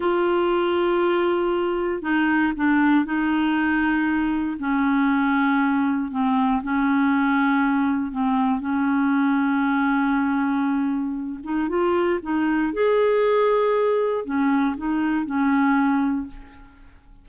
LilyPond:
\new Staff \with { instrumentName = "clarinet" } { \time 4/4 \tempo 4 = 118 f'1 | dis'4 d'4 dis'2~ | dis'4 cis'2. | c'4 cis'2. |
c'4 cis'2.~ | cis'2~ cis'8 dis'8 f'4 | dis'4 gis'2. | cis'4 dis'4 cis'2 | }